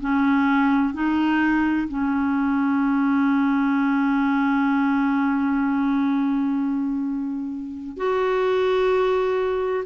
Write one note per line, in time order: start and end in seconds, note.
0.00 0.94 C#4
0.94 1.87 D#4
1.88 7.97 C#4
7.97 9.84 F#4